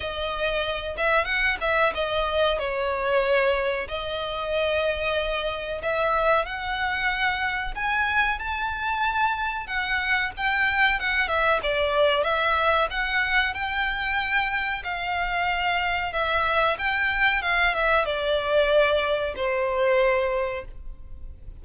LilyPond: \new Staff \with { instrumentName = "violin" } { \time 4/4 \tempo 4 = 93 dis''4. e''8 fis''8 e''8 dis''4 | cis''2 dis''2~ | dis''4 e''4 fis''2 | gis''4 a''2 fis''4 |
g''4 fis''8 e''8 d''4 e''4 | fis''4 g''2 f''4~ | f''4 e''4 g''4 f''8 e''8 | d''2 c''2 | }